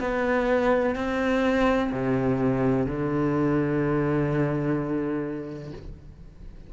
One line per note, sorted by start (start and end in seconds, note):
0.00 0.95 B3
0.95 1.90 C4
1.92 2.86 C3
2.86 5.72 D3